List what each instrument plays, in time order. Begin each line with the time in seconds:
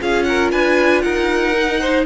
0.00 cello C#4, viola F4, violin G#4 F5
0.23 violin A#4 F#5
0.51 cello D4, violin B4 G#5
1.01 cello D#4, violin A#4 F#5
1.54 viola D#4
1.80 violin C5